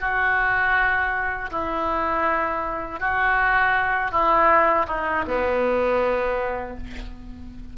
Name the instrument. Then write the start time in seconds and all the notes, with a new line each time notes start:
oboe
0.00 F#4
1.50 E4
3.00 F#4
4.11 E4
4.87 D#4
5.27 B3